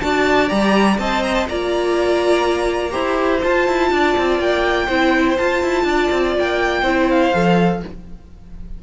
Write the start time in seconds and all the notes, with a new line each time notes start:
0.00 D4 F#4 D5 A5
0.47 G3 G4 A#5
0.98 C4 C5 D#5 A5
1.22 A#5
1.34 A5
1.48 A#3 F4 D5 A#5
2.90 E4 G4 C5
3.42 F4 A5
3.67 E4
3.91 D4 D5
4.17 C4
4.39 A#3 G5
4.86 C4 E4 C5
5.37 F4 A5
5.63 E4
5.84 D4 D5
6.11 C4
6.38 A#3 G5
6.81 C4 E4 C5
7.10 F5
7.33 F3 A4